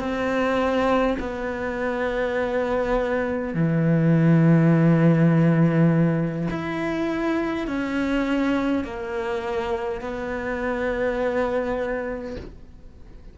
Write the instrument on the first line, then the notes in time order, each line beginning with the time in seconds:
cello
0.00 C4
1.20 B3
3.55 E3
6.50 E4
7.67 C#4
8.84 A#3
10.01 B3